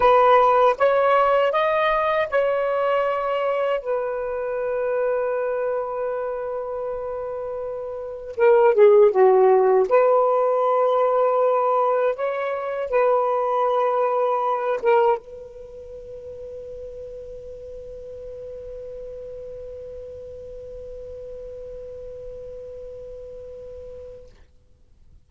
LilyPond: \new Staff \with { instrumentName = "saxophone" } { \time 4/4 \tempo 4 = 79 b'4 cis''4 dis''4 cis''4~ | cis''4 b'2.~ | b'2. ais'8 gis'8 | fis'4 b'2. |
cis''4 b'2~ b'8 ais'8 | b'1~ | b'1~ | b'1 | }